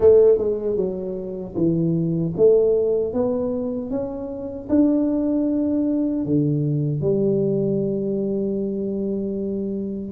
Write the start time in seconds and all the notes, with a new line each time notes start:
0.00 A3
0.38 G#3
0.76 F#3
1.55 E3
2.36 A3
3.13 B3
3.90 C#4
4.69 D4
6.25 D3
7.01 G3